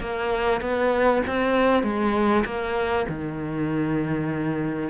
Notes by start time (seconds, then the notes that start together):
0.00 A#3
0.61 B3
1.27 C4
1.83 G#3
2.45 A#3
3.08 D#3